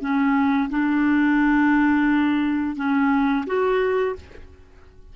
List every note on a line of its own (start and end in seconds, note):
0.00 0.69 C#4
0.69 2.76 D4
2.76 3.45 C#4
3.46 4.15 F#4